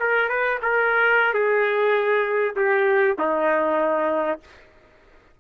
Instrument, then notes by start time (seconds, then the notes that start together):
trumpet
0.00 A#4
0.29 B4
0.63 A#4
1.34 G#4
2.56 G4
3.19 D#4